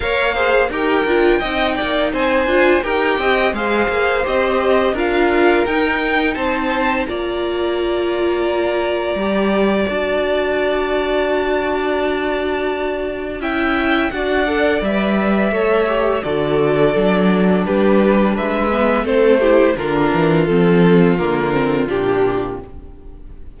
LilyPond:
<<
  \new Staff \with { instrumentName = "violin" } { \time 4/4 \tempo 4 = 85 f''4 g''2 gis''4 | g''4 f''4 dis''4 f''4 | g''4 a''4 ais''2~ | ais''2 a''2~ |
a''2. g''4 | fis''4 e''2 d''4~ | d''4 b'4 e''4 c''4 | ais'4 a'4 ais'4 g'4 | }
  \new Staff \with { instrumentName = "violin" } { \time 4/4 cis''8 c''8 ais'4 dis''8 d''8 c''4 | ais'8 dis''8 c''2 ais'4~ | ais'4 c''4 d''2~ | d''1~ |
d''2. e''4 | d''2 cis''4 a'4~ | a'4 g'4 b'4 a'8 g'8 | f'1 | }
  \new Staff \with { instrumentName = "viola" } { \time 4/4 ais'8 gis'8 g'8 f'8 dis'4. f'8 | g'4 gis'4 g'4 f'4 | dis'2 f'2~ | f'4 g'4 fis'2~ |
fis'2. e'4 | fis'8 a'8 b'4 a'8 g'8 fis'4 | d'2~ d'8 b8 c'8 e'8 | d'4 c'4 ais8 c'8 d'4 | }
  \new Staff \with { instrumentName = "cello" } { \time 4/4 ais4 dis'8 d'8 c'8 ais8 c'8 d'8 | dis'8 c'8 gis8 ais8 c'4 d'4 | dis'4 c'4 ais2~ | ais4 g4 d'2~ |
d'2. cis'4 | d'4 g4 a4 d4 | fis4 g4 gis4 a4 | d8 e8 f4 d4 ais,4 | }
>>